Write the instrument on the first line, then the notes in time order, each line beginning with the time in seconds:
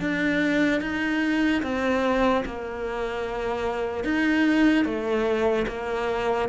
cello
0.00 D4
0.81 D#4
1.63 C4
2.45 A#3
4.04 D#4
4.85 A3
5.68 A#3